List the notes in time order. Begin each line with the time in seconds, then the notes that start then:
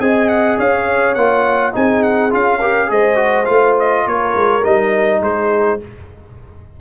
0.00 C4 G#4 D#5 G#5
0.28 F#5
0.58 C#4 C#5 F5
1.14 A#3 F4 F#5
1.72 C4 D#4 G#4 G#5
2.03 F#5
2.31 C#4 F4 F5
2.59 G4 A#4
2.88 G#3 G#4 C5 D#5
3.16 F#4
3.45 A3 F4 F5
3.79 D#5
4.05 A#3 A#4 C#5
4.35 G#3
4.64 G3 D#4 D#5
5.21 G#3 G#4 C5